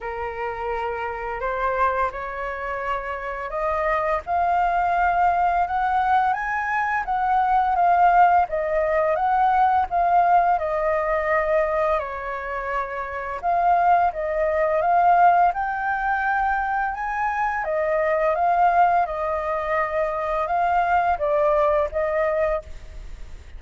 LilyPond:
\new Staff \with { instrumentName = "flute" } { \time 4/4 \tempo 4 = 85 ais'2 c''4 cis''4~ | cis''4 dis''4 f''2 | fis''4 gis''4 fis''4 f''4 | dis''4 fis''4 f''4 dis''4~ |
dis''4 cis''2 f''4 | dis''4 f''4 g''2 | gis''4 dis''4 f''4 dis''4~ | dis''4 f''4 d''4 dis''4 | }